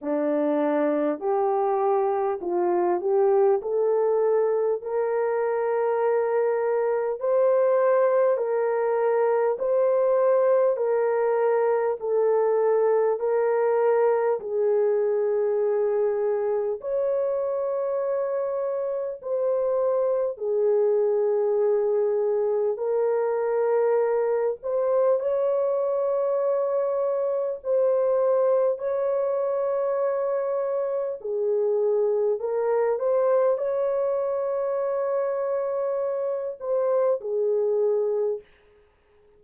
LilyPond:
\new Staff \with { instrumentName = "horn" } { \time 4/4 \tempo 4 = 50 d'4 g'4 f'8 g'8 a'4 | ais'2 c''4 ais'4 | c''4 ais'4 a'4 ais'4 | gis'2 cis''2 |
c''4 gis'2 ais'4~ | ais'8 c''8 cis''2 c''4 | cis''2 gis'4 ais'8 c''8 | cis''2~ cis''8 c''8 gis'4 | }